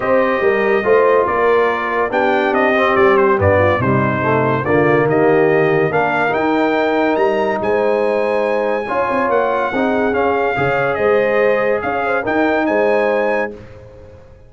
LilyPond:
<<
  \new Staff \with { instrumentName = "trumpet" } { \time 4/4 \tempo 4 = 142 dis''2. d''4~ | d''4 g''4 dis''4 d''8 c''8 | d''4 c''2 d''4 | dis''2 f''4 g''4~ |
g''4 ais''4 gis''2~ | gis''2 fis''2 | f''2 dis''2 | f''4 g''4 gis''2 | }
  \new Staff \with { instrumentName = "horn" } { \time 4/4 c''4 ais'4 c''4 ais'4~ | ais'4 g'2.~ | g'8 f'8 dis'2 f'4 | g'2 ais'2~ |
ais'2 c''2~ | c''4 cis''2 gis'4~ | gis'4 cis''4 c''2 | cis''8 c''8 ais'4 c''2 | }
  \new Staff \with { instrumentName = "trombone" } { \time 4/4 g'2 f'2~ | f'4 d'4. c'4. | b4 g4 a4 ais4~ | ais2 d'4 dis'4~ |
dis'1~ | dis'4 f'2 dis'4 | cis'4 gis'2.~ | gis'4 dis'2. | }
  \new Staff \with { instrumentName = "tuba" } { \time 4/4 c'4 g4 a4 ais4~ | ais4 b4 c'4 g4 | g,4 c2 d4 | dis2 ais4 dis'4~ |
dis'4 g4 gis2~ | gis4 cis'8 c'8 ais4 c'4 | cis'4 cis4 gis2 | cis'4 dis'4 gis2 | }
>>